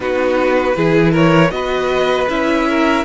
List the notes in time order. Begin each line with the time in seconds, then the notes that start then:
0.00 B3 D#4 F#4 B4
0.75 E3 E4 G#4
1.11 A#4 C#5
1.50 B3 F#4 B4 D#5
2.28 C#4 E4 E5
2.69 A#4